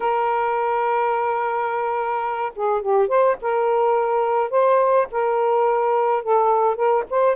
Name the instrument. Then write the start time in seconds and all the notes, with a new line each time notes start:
saxophone
0.00 A#4
2.55 G#4
2.81 G4
3.07 C5
3.41 A#4
4.50 C5
5.11 A#4
6.23 A4
6.75 A#4
7.10 C5